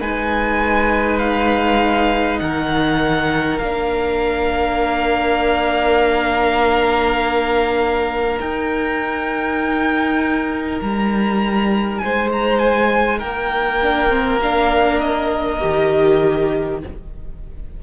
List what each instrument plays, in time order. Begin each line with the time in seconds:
0.00 cello G#3, viola D#4, violin B4 G#5
1.19 violin F5
2.39 cello D#3, violin A#4 F#5
3.58 cello A#3, viola D4, violin F5
8.39 viola D#4, cello D#4, violin G5
10.81 cello G3, violin A#5
11.98 cello G#3, violin C5 G#5
12.32 violin A#5
12.59 violin G#5
13.18 cello A#3, violin A#4 G5
13.82 viola D4
14.09 viola C4
14.42 viola D4, violin F5
15.00 violin D#5
15.60 cello D#3, viola G4